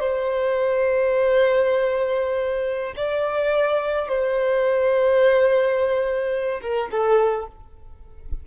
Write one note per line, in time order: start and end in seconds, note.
0.00 2.94 C5
2.97 4.09 D5
4.09 6.61 C5
6.62 6.90 A#4
6.91 7.47 A4